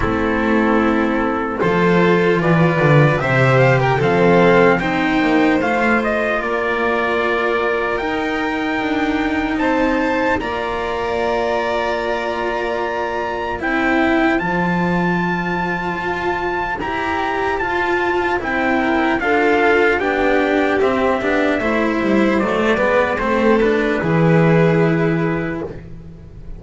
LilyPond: <<
  \new Staff \with { instrumentName = "trumpet" } { \time 4/4 \tempo 4 = 75 a'2 c''4 d''4 | e''8 f''16 g''16 f''4 g''4 f''8 dis''8 | d''2 g''2 | a''4 ais''2.~ |
ais''4 g''4 a''2~ | a''4 ais''4 a''4 g''4 | f''4 g''4 e''2 | d''4 c''8 b'2~ b'8 | }
  \new Staff \with { instrumentName = "violin" } { \time 4/4 e'2 a'4 b'4 | c''8. ais'16 a'4 c''2 | ais'1 | c''4 d''2.~ |
d''4 c''2.~ | c''2.~ c''8 ais'8 | a'4 g'2 c''4~ | c''8 b'8 a'4 gis'2 | }
  \new Staff \with { instrumentName = "cello" } { \time 4/4 c'2 f'2 | g'4 c'4 dis'4 f'4~ | f'2 dis'2~ | dis'4 f'2.~ |
f'4 e'4 f'2~ | f'4 g'4 f'4 e'4 | f'4 d'4 c'8 d'8 e'4 | a8 b8 c'8 d'8 e'2 | }
  \new Staff \with { instrumentName = "double bass" } { \time 4/4 a2 f4 e8 d8 | c4 f4 c'8 ais8 a4 | ais2 dis'4 d'4 | c'4 ais2.~ |
ais4 c'4 f2 | f'4 e'4 f'4 c'4 | d'4 b4 c'8 b8 a8 g8 | fis8 gis8 a4 e2 | }
>>